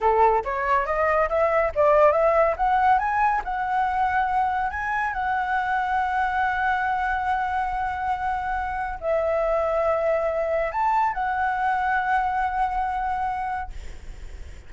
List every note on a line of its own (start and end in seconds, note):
0.00 0.43 A4
0.44 0.86 C#5
0.86 1.29 D#5
1.29 1.72 E5
1.75 2.12 D5
2.12 2.55 E5
2.56 2.98 F#5
2.98 3.41 G#5
3.44 4.70 F#5
4.70 5.13 G#5
5.13 8.99 F#5
9.00 10.71 E5
10.71 11.13 A5
11.13 13.70 F#5